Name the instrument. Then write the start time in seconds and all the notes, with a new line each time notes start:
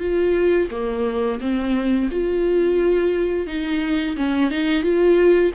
viola
0.00 F4
0.71 A#3
1.40 C4
2.11 F4
3.47 D#4
4.17 C#4
4.51 D#4
4.83 F4